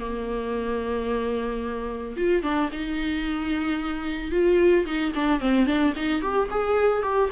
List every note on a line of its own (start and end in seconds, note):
0.00 2.16 A#3
2.17 2.43 F4
2.43 2.70 D4
2.72 4.31 D#4
4.31 4.86 F4
4.86 5.13 D#4
5.15 5.41 D4
5.41 5.66 C4
5.66 5.93 D4
5.96 6.22 D#4
6.22 6.49 G4
6.51 7.03 G#4
7.03 7.30 G4